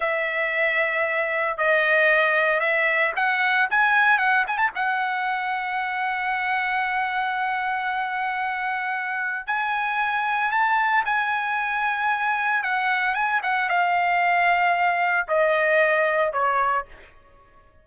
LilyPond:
\new Staff \with { instrumentName = "trumpet" } { \time 4/4 \tempo 4 = 114 e''2. dis''4~ | dis''4 e''4 fis''4 gis''4 | fis''8 gis''16 a''16 fis''2.~ | fis''1~ |
fis''2 gis''2 | a''4 gis''2. | fis''4 gis''8 fis''8 f''2~ | f''4 dis''2 cis''4 | }